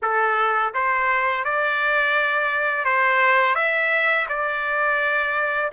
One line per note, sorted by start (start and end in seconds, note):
0.02 0.73 A4
0.73 1.44 C5
1.44 2.84 D5
2.84 3.55 C5
3.55 4.26 E5
4.28 5.71 D5